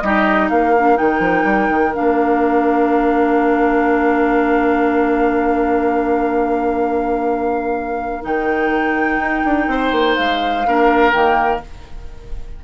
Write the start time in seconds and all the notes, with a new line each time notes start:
0.00 G3 D#4 G4 D#5
0.49 A#3 A#4 F5
0.77 D4
0.95 D#3 D#4 G5
1.20 F3
1.44 G3
1.69 D#3
1.94 A#3 D4 F5
8.22 D#3 D#4 G5
9.18 D#4
9.45 D4
9.67 C4 C5
9.92 A#3
10.16 G#3 F5
10.67 A#3 D4 A#4
11.11 D#3 A#3 G5